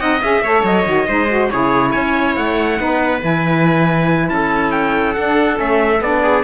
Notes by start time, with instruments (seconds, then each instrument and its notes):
0.00 cello C4, saxophone D#4, viola D#5, trumpet F#5
0.22 cello C#4, saxophone G#4, trumpet E5
0.42 cello A3, saxophone A4, viola C#5
0.64 cello F#3, trumpet D#5
0.86 cello D#3, saxophone F#4
1.07 cello G#3, saxophone D#4, viola C5
1.30 saxophone F#4
1.50 cello C#3, saxophone E4, viola G#4, trumpet C#5
1.92 cello C#4, viola C#5, trumpet G#5
2.36 cello A3, trumpet F#5
2.78 cello B3, saxophone D#4, viola B4
3.21 cello E3, saxophone E4, trumpet G#5
4.29 cello C#4, viola A4, trumpet A5
4.72 trumpet G5
5.14 saxophone D4, cello D4, trumpet F#5
5.55 cello A3, saxophone C#4, trumpet E5
6.01 cello B3, saxophone D4, trumpet D5
6.23 viola G#4